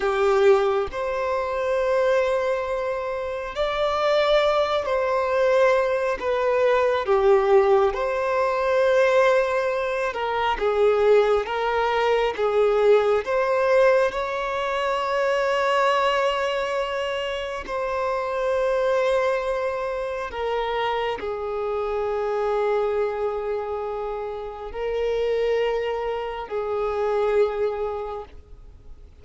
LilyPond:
\new Staff \with { instrumentName = "violin" } { \time 4/4 \tempo 4 = 68 g'4 c''2. | d''4. c''4. b'4 | g'4 c''2~ c''8 ais'8 | gis'4 ais'4 gis'4 c''4 |
cis''1 | c''2. ais'4 | gis'1 | ais'2 gis'2 | }